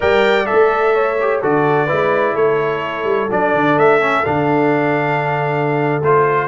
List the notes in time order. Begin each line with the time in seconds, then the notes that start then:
0.00 G3 A#4 D5 G5
0.45 A4 E5
0.52 A3
0.94 C#5
1.20 G4
1.41 D3 F#4 A4 D5
1.85 G#3 E4 B4
2.34 A3 A4 C#5
3.04 G3
3.30 F#3 D4 D5
3.53 D3
3.77 A3 E5
4.00 C#4
4.25 D3 D4 F5
6.01 A3 F4 C5